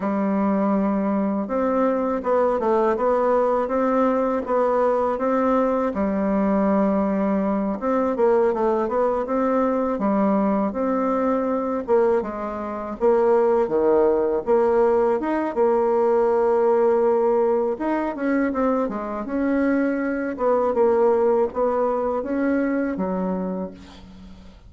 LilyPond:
\new Staff \with { instrumentName = "bassoon" } { \time 4/4 \tempo 4 = 81 g2 c'4 b8 a8 | b4 c'4 b4 c'4 | g2~ g8 c'8 ais8 a8 | b8 c'4 g4 c'4. |
ais8 gis4 ais4 dis4 ais8~ | ais8 dis'8 ais2. | dis'8 cis'8 c'8 gis8 cis'4. b8 | ais4 b4 cis'4 fis4 | }